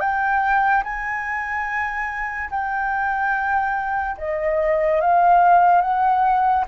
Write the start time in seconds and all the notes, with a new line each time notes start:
0.00 G5
0.84 G#5
2.50 G5
4.18 D#5
5.01 F5
5.81 F#5